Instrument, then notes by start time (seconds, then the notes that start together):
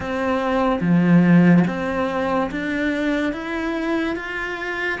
cello
0.00 C4
0.80 F3
1.67 C4
2.51 D4
3.33 E4
4.16 F4